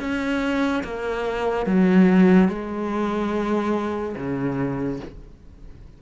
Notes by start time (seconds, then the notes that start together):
0.00 C#4
0.84 A#3
1.66 F#3
2.49 G#3
4.17 C#3